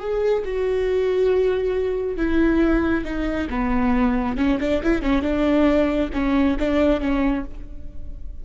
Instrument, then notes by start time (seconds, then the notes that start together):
viola
0.00 G#4
0.45 F#4
2.17 E4
3.05 D#4
3.50 B3
4.38 C#4
4.60 D4
4.84 E4
5.02 C#4
5.22 D4
6.14 C#4
6.60 D4
7.01 C#4